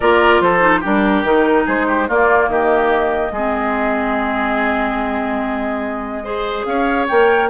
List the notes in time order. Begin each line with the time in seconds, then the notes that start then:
0.00 A#3 F4 A#4 D5
0.40 F3 A4 C5
0.61 D#4
0.80 G3 D4 G4 A#4
1.23 D#3 D#4
1.65 G#3 G#4 C5
1.87 G4
2.08 A#3 F4 D5
2.48 D#3 G4 D#5
3.31 G#3 C4 G#4
6.23 G#4 C5
6.65 C#4 C#5 F5
7.07 A#3 A#4 G5